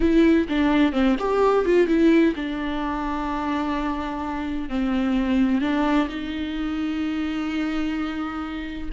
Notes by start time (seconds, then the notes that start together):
0.00 E4
0.49 D4
0.92 C4
1.19 G4
1.65 F4
1.87 E4
2.35 D4
4.69 C4
5.61 D4
6.08 D#4